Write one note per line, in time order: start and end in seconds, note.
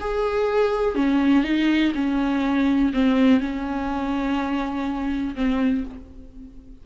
0.00 0.94 G#4
0.94 1.43 C#4
1.43 1.92 D#4
1.94 2.92 C#4
2.93 3.40 C4
3.40 5.35 C#4
5.35 5.84 C4